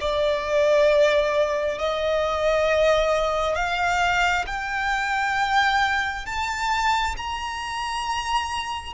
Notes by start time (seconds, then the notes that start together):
0.00 D5
1.78 D#5
3.55 F5
4.46 G5
6.25 A5
7.16 A#5